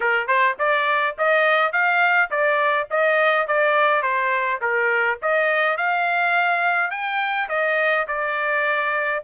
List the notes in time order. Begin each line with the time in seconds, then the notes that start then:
0.00 A#4
0.27 C5
0.58 D5
1.17 D#5
1.72 F5
2.30 D5
2.90 D#5
3.47 D5
4.02 C5
4.61 A#4
5.22 D#5
5.77 F5
6.90 G5
7.48 D#5
8.07 D5